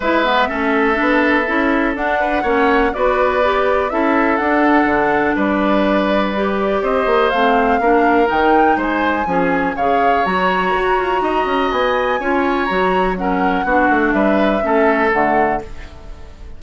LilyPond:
<<
  \new Staff \with { instrumentName = "flute" } { \time 4/4 \tempo 4 = 123 e''1 | fis''2 d''2 | e''4 fis''2 d''4~ | d''2 dis''4 f''4~ |
f''4 g''4 gis''2 | f''4 ais''2. | gis''2 ais''4 fis''4~ | fis''4 e''2 fis''4 | }
  \new Staff \with { instrumentName = "oboe" } { \time 4/4 b'4 a'2.~ | a'8 b'8 cis''4 b'2 | a'2. b'4~ | b'2 c''2 |
ais'2 c''4 gis'4 | cis''2. dis''4~ | dis''4 cis''2 ais'4 | fis'4 b'4 a'2 | }
  \new Staff \with { instrumentName = "clarinet" } { \time 4/4 e'8 b8 cis'4 d'4 e'4 | d'4 cis'4 fis'4 g'4 | e'4 d'2.~ | d'4 g'2 c'4 |
d'4 dis'2 cis'4 | gis'4 fis'2.~ | fis'4 f'4 fis'4 cis'4 | d'2 cis'4 a4 | }
  \new Staff \with { instrumentName = "bassoon" } { \time 4/4 gis4 a4 b4 cis'4 | d'4 ais4 b2 | cis'4 d'4 d4 g4~ | g2 c'8 ais8 a4 |
ais4 dis4 gis4 f4 | cis4 fis4 fis'8 f'8 dis'8 cis'8 | b4 cis'4 fis2 | b8 a8 g4 a4 d4 | }
>>